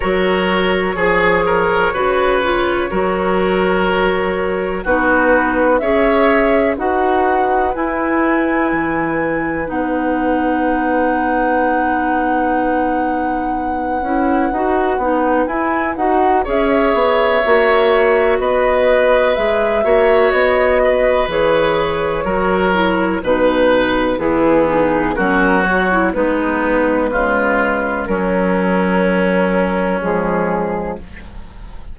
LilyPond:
<<
  \new Staff \with { instrumentName = "flute" } { \time 4/4 \tempo 4 = 62 cis''1~ | cis''4 b'4 e''4 fis''4 | gis''2 fis''2~ | fis''1 |
gis''8 fis''8 e''2 dis''4 | e''4 dis''4 cis''2 | b'4 gis'4 ais'8 cis''8 b'4~ | b'4 ais'2 gis'4 | }
  \new Staff \with { instrumentName = "oboe" } { \time 4/4 ais'4 gis'8 ais'8 b'4 ais'4~ | ais'4 fis'4 cis''4 b'4~ | b'1~ | b'1~ |
b'4 cis''2 b'4~ | b'8 cis''4 b'4. ais'4 | b'4 b4 fis'4 b4 | f'4 cis'2. | }
  \new Staff \with { instrumentName = "clarinet" } { \time 4/4 fis'4 gis'4 fis'8 f'8 fis'4~ | fis'4 dis'4 gis'4 fis'4 | e'2 dis'2~ | dis'2~ dis'8 e'8 fis'8 dis'8 |
e'8 fis'8 gis'4 fis'2 | gis'8 fis'4. gis'4 fis'8 e'8 | dis'4 e'8 dis'8 cis'8 fis'16 e'16 dis'4 | gis4 fis2 gis4 | }
  \new Staff \with { instrumentName = "bassoon" } { \time 4/4 fis4 f4 cis4 fis4~ | fis4 b4 cis'4 dis'4 | e'4 e4 b2~ | b2~ b8 cis'8 dis'8 b8 |
e'8 dis'8 cis'8 b8 ais4 b4 | gis8 ais8 b4 e4 fis4 | b,4 e4 fis4 gis4 | cis4 fis2 f4 | }
>>